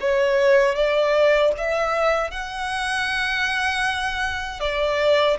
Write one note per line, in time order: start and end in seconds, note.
0.00 0.75 C#5
0.75 1.52 D5
1.57 2.31 E5
2.31 4.60 F#5
4.60 5.37 D5